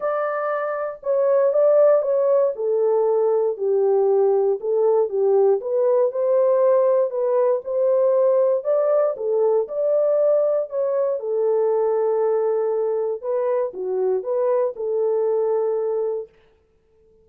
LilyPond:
\new Staff \with { instrumentName = "horn" } { \time 4/4 \tempo 4 = 118 d''2 cis''4 d''4 | cis''4 a'2 g'4~ | g'4 a'4 g'4 b'4 | c''2 b'4 c''4~ |
c''4 d''4 a'4 d''4~ | d''4 cis''4 a'2~ | a'2 b'4 fis'4 | b'4 a'2. | }